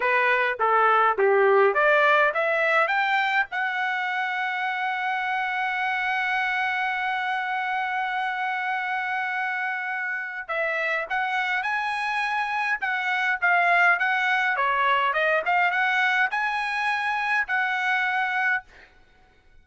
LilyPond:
\new Staff \with { instrumentName = "trumpet" } { \time 4/4 \tempo 4 = 103 b'4 a'4 g'4 d''4 | e''4 g''4 fis''2~ | fis''1~ | fis''1~ |
fis''2 e''4 fis''4 | gis''2 fis''4 f''4 | fis''4 cis''4 dis''8 f''8 fis''4 | gis''2 fis''2 | }